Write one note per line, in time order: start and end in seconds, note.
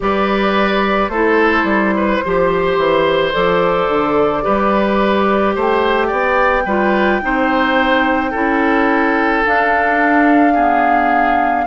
0.00 1.08 G3
0.00 1.11 G4
0.00 1.11 B4
0.00 1.09 D5
1.08 1.63 A3
1.08 2.24 E4
1.08 1.94 A4
1.08 3.31 C5
1.63 2.19 G3
1.96 2.24 B4
2.24 2.77 F3
2.24 3.32 G4
2.24 4.44 C5
2.77 3.32 E3
3.32 3.88 F3
3.32 4.42 A4
3.32 5.55 D5
3.88 4.44 D3
4.42 5.56 G3
4.42 6.64 G4
4.42 5.55 B4
5.55 6.11 A3
5.55 6.07 C5
5.55 9.46 G5
6.07 6.65 B3
6.07 6.62 D5
6.65 7.20 G3
6.65 7.21 F4
6.65 7.20 B4
7.21 8.33 C4
7.21 8.32 D#4
7.21 8.31 C5
8.31 9.44 C#4
8.31 9.44 E4
8.31 10.53 A4
9.45 10.56 D4
9.45 11.66 D4
9.45 11.66 F5
10.53 11.66 B3
10.53 11.64 G#4